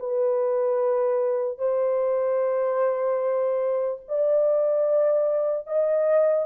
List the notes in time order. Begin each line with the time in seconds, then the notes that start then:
0.00 B4
1.58 C5
4.08 D5
5.67 D#5